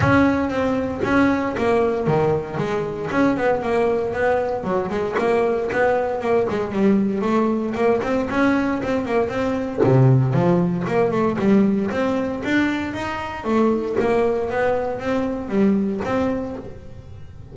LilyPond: \new Staff \with { instrumentName = "double bass" } { \time 4/4 \tempo 4 = 116 cis'4 c'4 cis'4 ais4 | dis4 gis4 cis'8 b8 ais4 | b4 fis8 gis8 ais4 b4 | ais8 gis8 g4 a4 ais8 c'8 |
cis'4 c'8 ais8 c'4 c4 | f4 ais8 a8 g4 c'4 | d'4 dis'4 a4 ais4 | b4 c'4 g4 c'4 | }